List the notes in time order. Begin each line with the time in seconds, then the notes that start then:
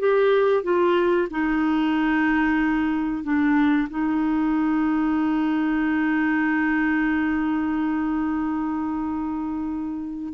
0.00 G4
0.64 F4
1.31 D#4
3.24 D4
3.90 D#4